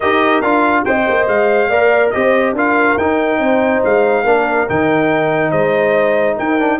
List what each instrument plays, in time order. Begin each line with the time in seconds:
0.00 tuba D#4, trombone G4, horn A#4, trumpet D#5
0.41 tuba D4, trombone F4, trumpet F5
0.84 tuba C4, trombone C5, horn D#5, trumpet G5
1.09 tuba A#3
1.27 tuba G#3, trumpet F5
1.68 tuba A#3, trombone A#4, horn D5
2.10 tuba C4, trombone G4, horn C5, trumpet D#5
2.52 tuba D4, trombone F4, horn A#4, trumpet F5
2.96 tuba D#4, trombone D#4, trumpet G5
3.39 tuba C4, horn C5
3.84 tuba G#3, trumpet F5
4.24 tuba A#3, trombone D4, horn A#4
4.69 tuba D#3, trombone D#4, trumpet G5
5.50 tuba G#3, horn C5, trumpet D#5
6.35 tuba D#4, horn A#4, trumpet G5
6.59 trombone D4